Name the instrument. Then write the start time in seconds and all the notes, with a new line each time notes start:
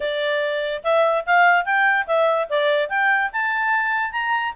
clarinet
0.00 D5
0.83 E5
1.26 F5
1.65 G5
2.07 E5
2.49 D5
2.89 G5
3.32 A5
4.12 A#5